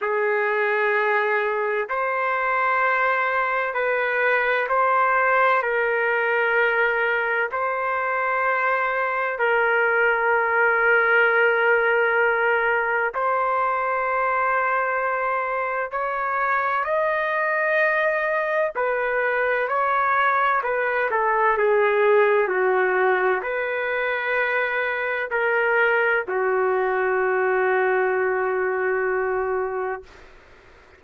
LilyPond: \new Staff \with { instrumentName = "trumpet" } { \time 4/4 \tempo 4 = 64 gis'2 c''2 | b'4 c''4 ais'2 | c''2 ais'2~ | ais'2 c''2~ |
c''4 cis''4 dis''2 | b'4 cis''4 b'8 a'8 gis'4 | fis'4 b'2 ais'4 | fis'1 | }